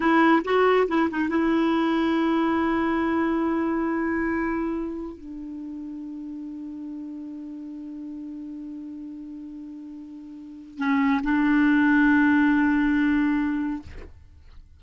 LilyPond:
\new Staff \with { instrumentName = "clarinet" } { \time 4/4 \tempo 4 = 139 e'4 fis'4 e'8 dis'8 e'4~ | e'1~ | e'1 | d'1~ |
d'1~ | d'1~ | d'4 cis'4 d'2~ | d'1 | }